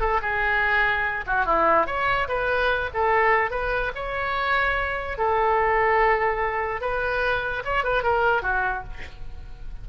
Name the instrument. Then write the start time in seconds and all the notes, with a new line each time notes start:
oboe
0.00 A4
0.22 G#4
1.26 F#4
1.45 E4
1.86 C#5
2.28 B4
2.93 A4
3.50 B4
3.95 C#5
5.18 A4
6.81 B4
7.64 C#5
7.84 B4
8.03 A#4
8.42 F#4